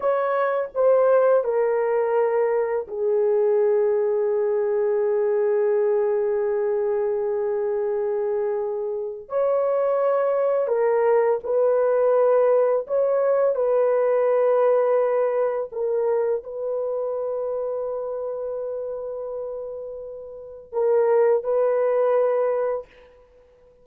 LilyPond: \new Staff \with { instrumentName = "horn" } { \time 4/4 \tempo 4 = 84 cis''4 c''4 ais'2 | gis'1~ | gis'1~ | gis'4 cis''2 ais'4 |
b'2 cis''4 b'4~ | b'2 ais'4 b'4~ | b'1~ | b'4 ais'4 b'2 | }